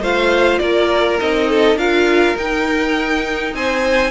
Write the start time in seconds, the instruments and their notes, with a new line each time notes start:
0.00 cello A3, viola F4, violin C5 F5
0.58 cello A#3, violin A#4 D5
1.20 cello C4, viola D#4, violin D#5
1.49 violin A4
1.75 cello D4, viola F4, violin A#4 F5
2.35 viola D#4, cello D#4, violin G5
3.54 cello C4, violin C5 G#5